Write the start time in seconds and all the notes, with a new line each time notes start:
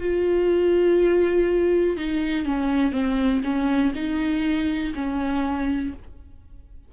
0.00 F4
1.97 D#4
2.45 C#4
2.92 C4
3.43 C#4
3.95 D#4
4.94 C#4